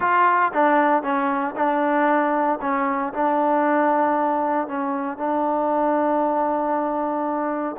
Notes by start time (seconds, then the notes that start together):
0.00 F4
0.53 D4
1.03 C#4
1.55 D4
2.61 C#4
3.13 D4
4.67 C#4
5.17 D4